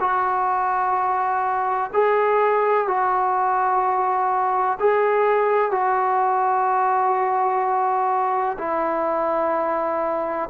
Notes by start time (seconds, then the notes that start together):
0.00 F#4
1.94 G#4
2.87 F#4
4.80 G#4
5.71 F#4
8.58 E4